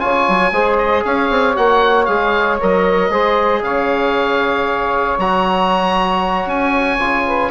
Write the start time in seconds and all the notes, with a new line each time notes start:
0.00 C#3 F4 C#5 G#5
0.28 F#3
0.52 G#3 G#4 C5
0.78 D#5
1.05 C#4 C#5 F5
1.30 C4
1.56 A#3 F#4 F#5
2.05 G#3 G#4 F5
2.60 F#3 A#4 D#5
3.10 G#3 G#4 C5
3.62 C#3 C#5 F5
5.18 F#3 F#4 A#5
6.46 C#4 G#5
6.99 C#3 F4
7.27 B4